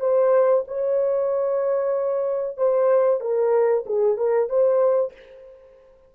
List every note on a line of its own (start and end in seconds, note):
0.00 0.64 C5
0.68 2.57 C#5
2.57 3.20 C5
3.20 3.84 A#4
3.86 4.17 G#4
4.17 4.49 A#4
4.49 5.13 C5